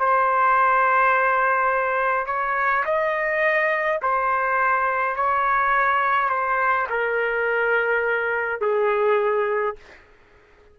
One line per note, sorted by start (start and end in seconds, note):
0.00 2.27 C5
2.27 2.84 C#5
2.85 4.01 D#5
4.03 5.16 C5
5.16 6.30 C#5
6.30 6.88 C5
6.90 8.61 A#4
8.61 9.77 G#4